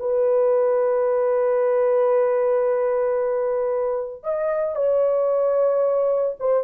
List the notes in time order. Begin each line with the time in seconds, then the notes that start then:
0.00 B4
4.24 D#5
4.76 C#5
6.40 C5